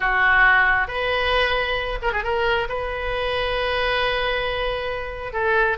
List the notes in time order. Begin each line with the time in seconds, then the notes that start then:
0.00 F#4
0.87 B4
2.01 A#4
2.12 G#4
2.23 A#4
2.68 B4
5.33 A4